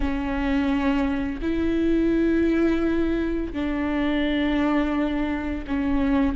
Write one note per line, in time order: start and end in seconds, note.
0.00 1.40 C#4
1.41 3.52 E4
3.52 5.64 D4
5.67 6.35 C#4